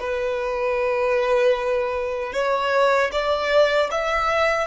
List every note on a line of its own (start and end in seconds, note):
0.00 2.33 B4
2.33 3.11 C#5
3.12 3.90 D5
3.92 4.67 E5